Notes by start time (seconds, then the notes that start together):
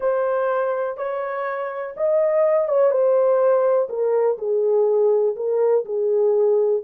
0.00 C5
0.97 C#5
1.96 D#5
2.68 C#5
2.90 C5
3.89 A#4
4.38 G#4
5.35 A#4
5.85 G#4